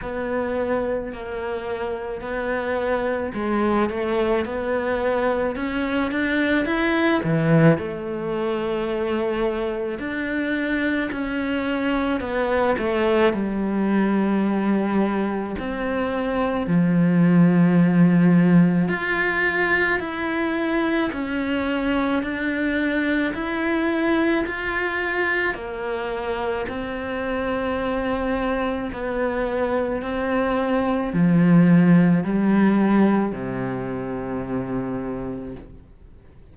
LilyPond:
\new Staff \with { instrumentName = "cello" } { \time 4/4 \tempo 4 = 54 b4 ais4 b4 gis8 a8 | b4 cis'8 d'8 e'8 e8 a4~ | a4 d'4 cis'4 b8 a8 | g2 c'4 f4~ |
f4 f'4 e'4 cis'4 | d'4 e'4 f'4 ais4 | c'2 b4 c'4 | f4 g4 c2 | }